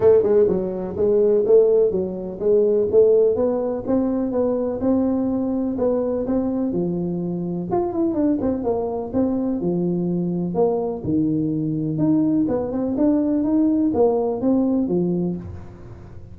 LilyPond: \new Staff \with { instrumentName = "tuba" } { \time 4/4 \tempo 4 = 125 a8 gis8 fis4 gis4 a4 | fis4 gis4 a4 b4 | c'4 b4 c'2 | b4 c'4 f2 |
f'8 e'8 d'8 c'8 ais4 c'4 | f2 ais4 dis4~ | dis4 dis'4 b8 c'8 d'4 | dis'4 ais4 c'4 f4 | }